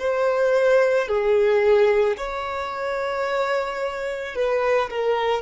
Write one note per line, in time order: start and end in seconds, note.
0.00 1.08 C5
1.08 2.17 G#4
2.18 4.35 C#5
4.35 4.90 B4
4.90 5.42 A#4